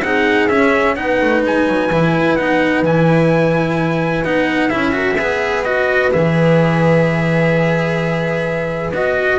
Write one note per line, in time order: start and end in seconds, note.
0.00 0.47 C4
0.00 0.49 D#4
0.00 0.96 G#4
0.00 0.48 F#5
0.48 0.96 C#4
0.48 0.95 E5
0.95 1.20 B3
0.95 1.90 D#4
0.95 4.94 B4
0.95 1.42 F#5
1.21 1.44 A3
1.44 1.67 G#3
1.44 2.36 G#5
1.67 1.90 F#3
1.90 2.36 E3
1.90 2.38 E4
2.36 2.81 B3
2.36 2.85 D#4
2.36 2.82 F#5
2.81 4.22 E3
2.81 4.24 E4
2.81 4.24 G#5
4.24 4.71 B3
4.24 4.70 D#4
4.24 4.69 F#5
4.69 5.18 C#4
4.69 4.92 E4
4.69 5.63 E5
4.92 5.15 F#4
4.92 5.17 A#4
5.17 6.12 B3
5.17 5.65 G#4
5.17 9.38 B4
5.64 6.11 F#4
5.64 6.10 D#5
6.11 8.91 E3
6.11 8.92 G#4
6.11 8.93 E5
8.91 9.38 B3
8.91 9.38 F#4
8.91 9.38 D#5